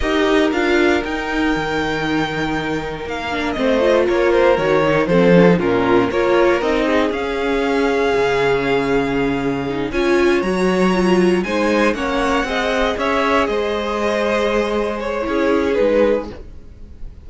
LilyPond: <<
  \new Staff \with { instrumentName = "violin" } { \time 4/4 \tempo 4 = 118 dis''4 f''4 g''2~ | g''2 f''4 dis''4 | cis''8 c''8 cis''4 c''4 ais'4 | cis''4 dis''4 f''2~ |
f''2.~ f''8 gis''8~ | gis''8 ais''2 gis''4 fis''8~ | fis''4. e''4 dis''4.~ | dis''4. cis''4. b'4 | }
  \new Staff \with { instrumentName = "violin" } { \time 4/4 ais'1~ | ais'2. c''4 | ais'2 a'4 f'4 | ais'4. gis'2~ gis'8~ |
gis'2.~ gis'8 cis''8~ | cis''2~ cis''8 c''4 cis''8~ | cis''8 dis''4 cis''4 c''4.~ | c''2 gis'2 | }
  \new Staff \with { instrumentName = "viola" } { \time 4/4 g'4 f'4 dis'2~ | dis'2~ dis'8 d'8 c'8 f'8~ | f'4 fis'8 dis'8 c'8 cis'16 dis'16 cis'4 | f'4 dis'4 cis'2~ |
cis'2. dis'8 f'8~ | f'8 fis'4 f'4 dis'4 cis'8~ | cis'8 gis'2.~ gis'8~ | gis'2 e'4 dis'4 | }
  \new Staff \with { instrumentName = "cello" } { \time 4/4 dis'4 d'4 dis'4 dis4~ | dis2 ais4 a4 | ais4 dis4 f4 ais,4 | ais4 c'4 cis'2 |
cis2.~ cis8 cis'8~ | cis'8 fis2 gis4 ais8~ | ais8 c'4 cis'4 gis4.~ | gis2 cis'4 gis4 | }
>>